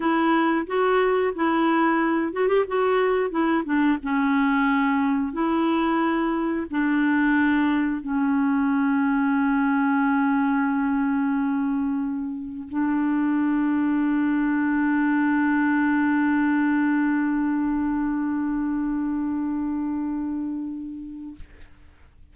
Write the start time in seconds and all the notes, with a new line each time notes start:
0.00 E4
0.66 F#4
1.35 E4
2.32 F#4
2.48 G4
2.67 F#4
3.30 E4
3.65 D4
4.02 C#4
5.32 E4
6.70 D4
8.01 C#4
12.68 D4